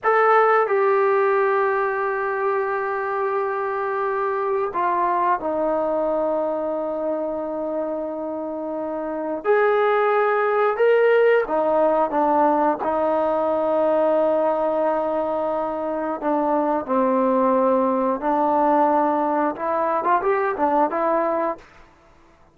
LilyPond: \new Staff \with { instrumentName = "trombone" } { \time 4/4 \tempo 4 = 89 a'4 g'2.~ | g'2. f'4 | dis'1~ | dis'2 gis'2 |
ais'4 dis'4 d'4 dis'4~ | dis'1 | d'4 c'2 d'4~ | d'4 e'8. f'16 g'8 d'8 e'4 | }